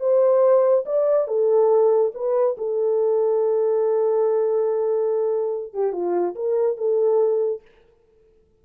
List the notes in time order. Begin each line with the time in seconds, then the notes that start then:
0.00 C5
0.86 D5
1.28 A4
2.15 B4
2.58 A4
5.74 G4
5.93 F4
6.35 A#4
6.77 A4